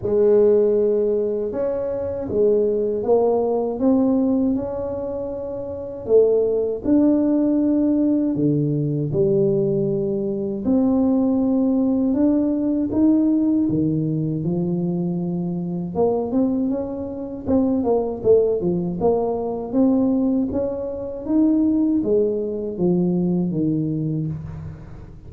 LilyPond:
\new Staff \with { instrumentName = "tuba" } { \time 4/4 \tempo 4 = 79 gis2 cis'4 gis4 | ais4 c'4 cis'2 | a4 d'2 d4 | g2 c'2 |
d'4 dis'4 dis4 f4~ | f4 ais8 c'8 cis'4 c'8 ais8 | a8 f8 ais4 c'4 cis'4 | dis'4 gis4 f4 dis4 | }